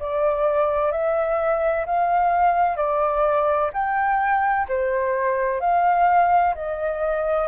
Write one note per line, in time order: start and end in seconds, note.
0.00 0.92 D5
0.92 1.86 E5
1.86 2.77 F5
2.77 3.71 D5
3.74 4.67 G5
4.69 5.61 C5
5.61 6.55 F5
6.55 7.48 D#5